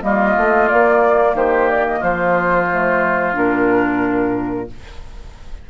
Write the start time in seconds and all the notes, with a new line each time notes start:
0.00 G3 A#3 F4 D#5
0.37 A3
0.69 A#3 D5
1.34 D#3 G4 C5
1.70 D5
1.87 D#5
2.00 F3 F4 C5
2.71 A3
3.34 A#2 D4 A#4